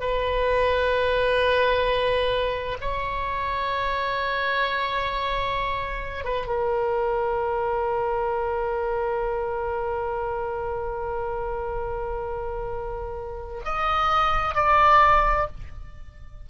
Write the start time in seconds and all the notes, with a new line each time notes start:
0.00 B4
2.80 C#5
6.24 B4
6.47 A#4
13.64 D#5
14.55 D5